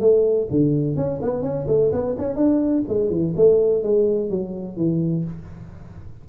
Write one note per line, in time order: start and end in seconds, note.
0.00 0.48 A3
0.50 0.96 D3
0.96 1.20 C#4
1.22 1.42 B3
1.42 1.66 C#4
1.67 1.91 A3
1.92 2.16 B3
2.18 2.36 C#4
2.36 2.83 D4
2.88 3.10 G#3
3.10 3.34 E3
3.36 3.83 A3
3.83 4.30 G#3
4.30 4.77 F#3
4.77 5.24 E3